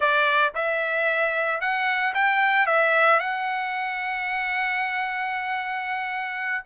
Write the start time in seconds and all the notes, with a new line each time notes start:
0.00 D5
0.54 E5
1.60 F#5
2.14 G5
2.66 E5
3.19 F#5